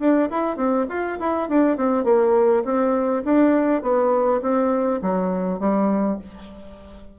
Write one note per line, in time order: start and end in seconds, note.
0.00 0.29 D4
0.30 0.57 E4
0.57 0.86 C4
0.89 1.19 F4
1.20 1.49 E4
1.49 1.78 D4
1.78 2.05 C4
2.05 2.64 A#3
2.65 3.24 C4
3.25 3.83 D4
3.83 4.41 B3
4.42 5.01 C4
5.02 5.60 F#3
5.60 6.18 G3